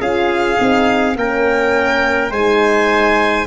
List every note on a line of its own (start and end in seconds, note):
0.00 0.58 C#4
0.00 0.59 F4
0.00 1.16 G#4
0.00 1.16 F5
0.59 1.16 C4
0.59 1.17 D#4
1.16 2.31 A#3
1.16 2.34 C#4
1.16 2.31 A#4
1.16 2.33 G5
2.31 3.46 G#3
2.31 3.47 D#4
2.31 3.46 C5
2.31 3.47 G#5